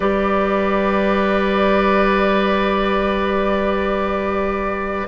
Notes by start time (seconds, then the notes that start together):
0.00 G3 G4 B4 D5